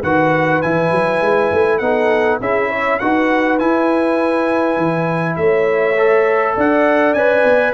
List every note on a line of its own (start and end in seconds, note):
0.00 0.62 D#3
0.00 0.63 F#4
0.00 1.78 B4
0.00 0.61 F#5
0.61 0.91 E3
0.61 1.81 E4
0.61 1.78 G#5
0.91 1.21 F#3
1.21 1.50 G#3
1.52 1.80 A3
1.78 2.39 B3
1.78 2.41 D#4
1.78 2.40 A4
1.78 2.37 F#5
2.40 2.99 C#4
2.40 3.01 E4
2.40 2.69 G#4
2.40 2.99 E5
2.69 2.98 C#5
2.99 3.60 D#4
2.99 3.59 F#4
2.99 5.37 B4
2.99 3.58 F#5
3.59 5.96 E4
3.59 4.77 E4
3.59 5.36 G#5
4.77 5.36 E3
5.36 6.56 A3
5.36 6.56 C#5
5.36 6.54 E5
5.97 7.16 A4
6.56 7.13 D4
6.56 7.73 D5
6.56 7.13 F#5
7.13 7.43 C#4
7.13 7.73 B4
7.13 7.73 G#5
7.43 7.73 B3